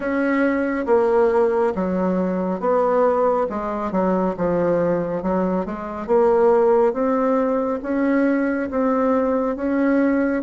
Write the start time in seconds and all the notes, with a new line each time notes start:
0.00 C#4
0.86 A#3
1.75 F#3
2.59 B3
3.49 G#3
3.91 F#3
4.37 F3
5.22 F#3
5.65 G#3
6.07 A#3
6.93 C4
7.82 C#4
8.70 C4
9.56 C#4